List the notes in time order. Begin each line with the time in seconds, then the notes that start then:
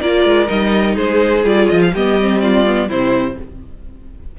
0.00 A#3 F4 A#4 D5
0.25 G#3
0.46 G3 D#4 D#5
0.95 G#3 G#4 C5
1.44 G3 F4 D5
1.69 F3 D#5
1.82 F5
1.93 G3 B3 G4 D#5
2.20 C4
2.40 F4 D5
2.65 B3
2.88 C3 C4 E4 C5